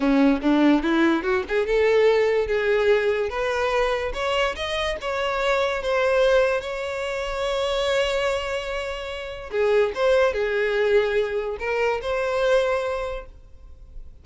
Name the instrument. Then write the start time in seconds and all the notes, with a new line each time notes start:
violin
0.00 C#4
0.41 D4
0.83 E4
1.22 F#4
1.48 G#4
1.66 A4
2.47 G#4
3.29 B4
4.13 C#5
4.55 D#5
5.01 C#5
5.82 C5
6.60 C#5
9.51 G#4
9.94 C5
10.33 G#4
11.59 A#4
12.01 C5